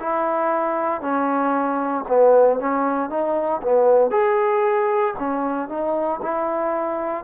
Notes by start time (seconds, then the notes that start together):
0.00 E4
1.01 C#4
2.08 B3
2.60 C#4
3.09 D#4
3.62 B3
4.11 G#4
5.19 C#4
5.68 D#4
6.22 E4